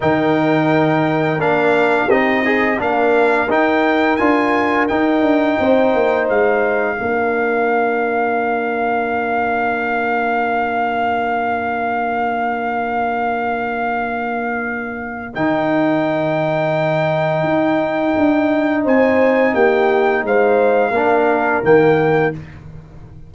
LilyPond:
<<
  \new Staff \with { instrumentName = "trumpet" } { \time 4/4 \tempo 4 = 86 g''2 f''4 dis''4 | f''4 g''4 gis''4 g''4~ | g''4 f''2.~ | f''1~ |
f''1~ | f''2 g''2~ | g''2. gis''4 | g''4 f''2 g''4 | }
  \new Staff \with { instrumentName = "horn" } { \time 4/4 ais'2. g'8 dis'8 | ais'1 | c''2 ais'2~ | ais'1~ |
ais'1~ | ais'1~ | ais'2. c''4 | g'4 c''4 ais'2 | }
  \new Staff \with { instrumentName = "trombone" } { \time 4/4 dis'2 d'4 dis'8 gis'8 | d'4 dis'4 f'4 dis'4~ | dis'2 d'2~ | d'1~ |
d'1~ | d'2 dis'2~ | dis'1~ | dis'2 d'4 ais4 | }
  \new Staff \with { instrumentName = "tuba" } { \time 4/4 dis2 ais4 c'4 | ais4 dis'4 d'4 dis'8 d'8 | c'8 ais8 gis4 ais2~ | ais1~ |
ais1~ | ais2 dis2~ | dis4 dis'4 d'4 c'4 | ais4 gis4 ais4 dis4 | }
>>